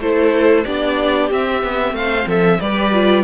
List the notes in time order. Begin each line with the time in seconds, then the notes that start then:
0.00 A3 E4 A4 C5
0.65 B3 D4 G4 D5
1.31 C4 E5
1.64 B3
1.93 A3 C5 F5
2.27 F3 A4 E5
2.61 G3 G4 B4 D5
2.93 F4